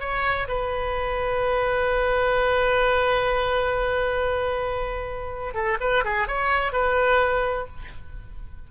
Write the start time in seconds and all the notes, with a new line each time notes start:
0.00 C#5
0.47 B4
5.54 A4
5.80 B4
6.04 G#4
6.27 C#5
6.72 B4